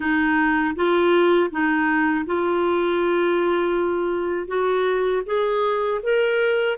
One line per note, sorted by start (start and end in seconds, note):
0.00 0.75 D#4
0.75 1.50 F4
1.50 2.25 D#4
2.26 4.47 F4
4.47 5.22 F#4
5.25 6.00 G#4
6.02 6.77 A#4